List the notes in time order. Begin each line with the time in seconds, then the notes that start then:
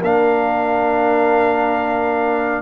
0.00 A#3 D4 A#4 F5